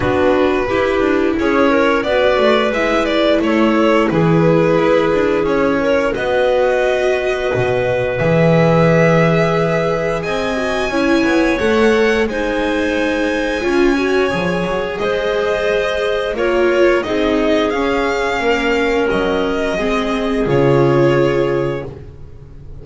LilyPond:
<<
  \new Staff \with { instrumentName = "violin" } { \time 4/4 \tempo 4 = 88 b'2 cis''4 d''4 | e''8 d''8 cis''4 b'2 | cis''4 dis''2. | e''2. gis''4~ |
gis''4 fis''4 gis''2~ | gis''2 dis''2 | cis''4 dis''4 f''2 | dis''2 cis''2 | }
  \new Staff \with { instrumentName = "clarinet" } { \time 4/4 fis'4 g'4 gis'8 ais'8 b'4~ | b'4 a'4 gis'2~ | gis'8 ais'8 b'2.~ | b'2. dis''4 |
cis''2 c''2 | cis''2 c''2 | ais'4 gis'2 ais'4~ | ais'4 gis'2. | }
  \new Staff \with { instrumentName = "viola" } { \time 4/4 d'4 e'2 fis'4 | e'1~ | e'4 fis'2. | gis'2.~ gis'8 fis'8 |
e'4 a'4 dis'2 | f'8 fis'8 gis'2. | f'4 dis'4 cis'2~ | cis'4 c'4 f'2 | }
  \new Staff \with { instrumentName = "double bass" } { \time 4/4 b4 e'8 d'8 cis'4 b8 a8 | gis4 a4 e4 e'8 d'8 | cis'4 b2 b,4 | e2. c'4 |
cis'8 b8 a4 gis2 | cis'4 f8 fis8 gis2 | ais4 c'4 cis'4 ais4 | fis4 gis4 cis2 | }
>>